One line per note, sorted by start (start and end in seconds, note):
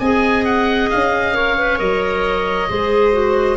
0.00 0.90 C4
0.00 1.33 G#4
0.00 1.35 D#5
0.00 0.45 G#5
0.45 0.90 F#5
0.90 1.80 C#4
0.90 1.79 F5
1.33 1.56 A#4
1.33 2.69 C#5
1.57 1.78 B4
1.78 2.70 F#3
1.78 2.68 A#4
1.78 3.57 D#5
2.69 3.57 G#3
2.69 3.12 G#4
2.69 3.57 C5
3.12 3.57 F#4